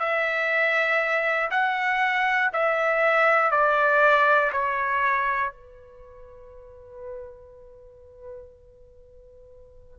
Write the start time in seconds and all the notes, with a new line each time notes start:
0.00 E5
1.51 F#5
2.53 E5
3.51 D5
4.52 C#5
5.52 B4